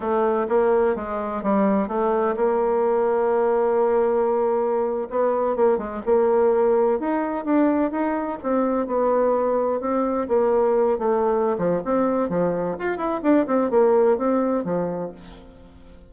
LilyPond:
\new Staff \with { instrumentName = "bassoon" } { \time 4/4 \tempo 4 = 127 a4 ais4 gis4 g4 | a4 ais2.~ | ais2~ ais8. b4 ais16~ | ais16 gis8 ais2 dis'4 d'16~ |
d'8. dis'4 c'4 b4~ b16~ | b8. c'4 ais4. a8.~ | a8 f8 c'4 f4 f'8 e'8 | d'8 c'8 ais4 c'4 f4 | }